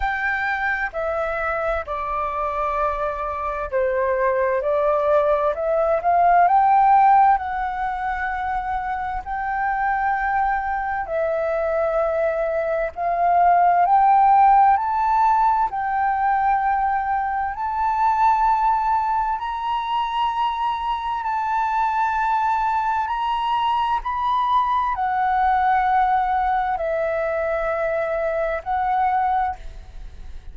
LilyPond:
\new Staff \with { instrumentName = "flute" } { \time 4/4 \tempo 4 = 65 g''4 e''4 d''2 | c''4 d''4 e''8 f''8 g''4 | fis''2 g''2 | e''2 f''4 g''4 |
a''4 g''2 a''4~ | a''4 ais''2 a''4~ | a''4 ais''4 b''4 fis''4~ | fis''4 e''2 fis''4 | }